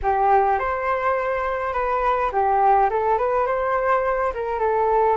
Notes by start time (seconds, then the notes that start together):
0.02 G4
0.59 C5
1.73 B4
2.32 G4
2.90 A4
3.18 B4
3.46 C5
4.33 A#4
4.59 A4